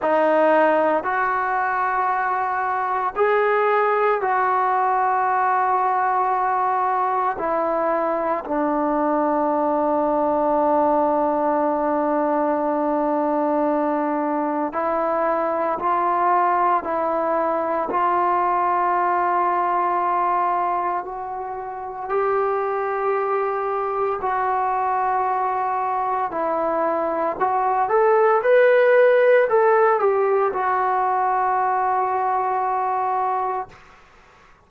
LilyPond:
\new Staff \with { instrumentName = "trombone" } { \time 4/4 \tempo 4 = 57 dis'4 fis'2 gis'4 | fis'2. e'4 | d'1~ | d'2 e'4 f'4 |
e'4 f'2. | fis'4 g'2 fis'4~ | fis'4 e'4 fis'8 a'8 b'4 | a'8 g'8 fis'2. | }